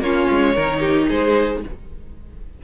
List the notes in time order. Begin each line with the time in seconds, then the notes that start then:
0.00 A#3 C#4 F4 C#5
0.30 G#3
0.55 D#3 D#4 A#4
0.80 G4
1.09 G#3 G#4 C5